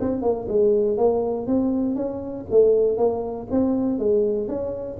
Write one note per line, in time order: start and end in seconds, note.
0.00 0.22 C4
0.22 0.47 A#3
0.49 0.97 G#3
0.97 1.47 A#3
1.47 1.96 C4
1.96 2.46 C#4
2.51 2.97 A3
2.97 3.47 A#3
3.51 3.99 C4
3.99 4.48 G#3
4.48 4.98 C#4